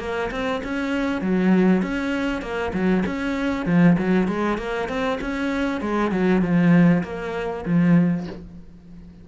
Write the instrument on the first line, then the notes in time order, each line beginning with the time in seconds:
cello
0.00 A#3
0.32 C4
0.64 C#4
1.22 F#3
1.83 C#4
2.42 A#3
2.74 F#3
3.07 C#4
3.66 F3
3.99 F#3
4.28 G#3
4.58 A#3
4.89 C4
5.21 C#4
5.82 G#3
6.12 F#3
6.42 F3
7.04 A#3
7.66 F3